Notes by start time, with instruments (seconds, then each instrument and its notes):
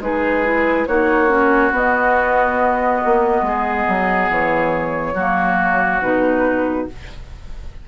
0.00 bassoon G#3, clarinet D#4, oboe G#4, flute B4
0.44 clarinet E4
0.86 bassoon A#3, clarinet D#4, oboe F#4, flute C#5
1.28 clarinet C#4
1.71 bassoon B3, clarinet B3, flute D#5
3.05 bassoon A#3
3.41 bassoon G#3, oboe G#4
3.88 bassoon F#3
4.29 bassoon E3, flute C#5
5.14 bassoon F#3, clarinet A#3, oboe F#4
6.01 bassoon B2, clarinet D#4, flute B4